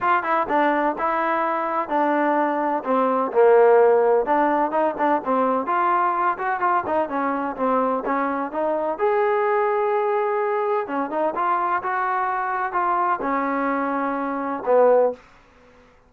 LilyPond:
\new Staff \with { instrumentName = "trombone" } { \time 4/4 \tempo 4 = 127 f'8 e'8 d'4 e'2 | d'2 c'4 ais4~ | ais4 d'4 dis'8 d'8 c'4 | f'4. fis'8 f'8 dis'8 cis'4 |
c'4 cis'4 dis'4 gis'4~ | gis'2. cis'8 dis'8 | f'4 fis'2 f'4 | cis'2. b4 | }